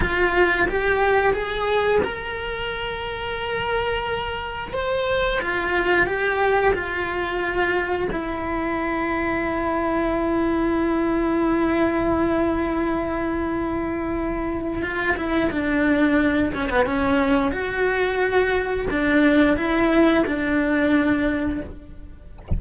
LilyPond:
\new Staff \with { instrumentName = "cello" } { \time 4/4 \tempo 4 = 89 f'4 g'4 gis'4 ais'4~ | ais'2. c''4 | f'4 g'4 f'2 | e'1~ |
e'1~ | e'2 f'8 e'8 d'4~ | d'8 cis'16 b16 cis'4 fis'2 | d'4 e'4 d'2 | }